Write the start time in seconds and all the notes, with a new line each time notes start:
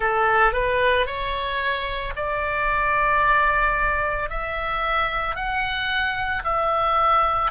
0.00 A4
0.52 B4
1.06 C#5
2.15 D5
4.29 E5
5.35 F#5
6.43 E5